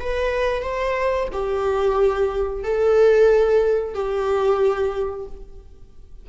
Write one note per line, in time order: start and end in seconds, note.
0.00 0.62 B4
0.62 1.28 C5
1.33 2.64 G4
2.64 3.94 A4
3.94 5.26 G4